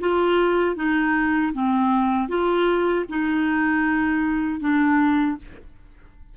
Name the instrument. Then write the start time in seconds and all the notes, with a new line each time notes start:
clarinet
0.00 F4
0.76 D#4
1.53 C4
2.29 F4
3.09 D#4
4.60 D4